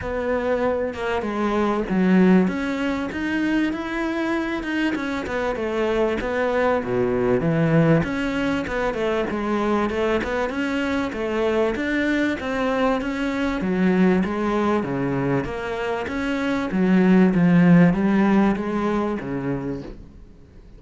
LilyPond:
\new Staff \with { instrumentName = "cello" } { \time 4/4 \tempo 4 = 97 b4. ais8 gis4 fis4 | cis'4 dis'4 e'4. dis'8 | cis'8 b8 a4 b4 b,4 | e4 cis'4 b8 a8 gis4 |
a8 b8 cis'4 a4 d'4 | c'4 cis'4 fis4 gis4 | cis4 ais4 cis'4 fis4 | f4 g4 gis4 cis4 | }